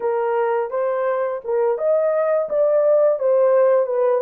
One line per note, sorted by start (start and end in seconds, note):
0.00 0.70 A#4
0.70 1.41 C5
1.44 1.78 A#4
1.78 2.48 D#5
2.49 3.19 D5
3.19 3.86 C5
3.86 4.21 B4